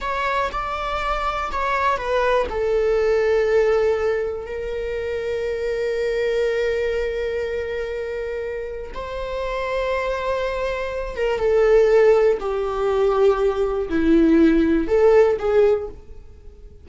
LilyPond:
\new Staff \with { instrumentName = "viola" } { \time 4/4 \tempo 4 = 121 cis''4 d''2 cis''4 | b'4 a'2.~ | a'4 ais'2.~ | ais'1~ |
ais'2 c''2~ | c''2~ c''8 ais'8 a'4~ | a'4 g'2. | e'2 a'4 gis'4 | }